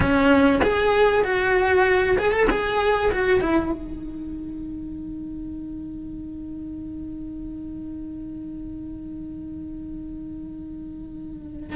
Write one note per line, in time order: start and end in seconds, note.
0.00 0.60 C#4
0.62 1.24 G#4
1.24 2.16 F#4
2.18 2.32 G#4
2.32 2.47 A4
2.49 3.11 G#4
3.12 3.40 F#4
3.40 3.71 E4
3.72 11.76 D#4